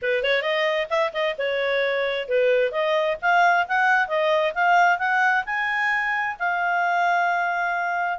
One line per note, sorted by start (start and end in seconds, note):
0.02 0.23 B4
0.23 0.42 C#5
0.42 0.87 D#5
0.90 1.12 E5
1.13 1.36 D#5
1.38 2.28 C#5
2.28 2.71 B4
2.71 3.17 D#5
3.21 3.67 F5
3.68 4.07 F#5
4.07 4.53 D#5
4.54 4.98 F5
4.98 5.43 F#5
5.45 6.36 G#5
6.39 8.18 F5